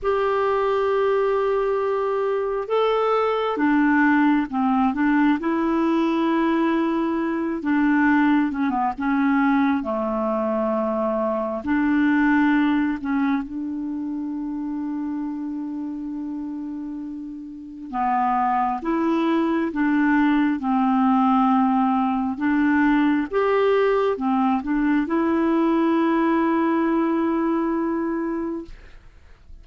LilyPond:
\new Staff \with { instrumentName = "clarinet" } { \time 4/4 \tempo 4 = 67 g'2. a'4 | d'4 c'8 d'8 e'2~ | e'8 d'4 cis'16 b16 cis'4 a4~ | a4 d'4. cis'8 d'4~ |
d'1 | b4 e'4 d'4 c'4~ | c'4 d'4 g'4 c'8 d'8 | e'1 | }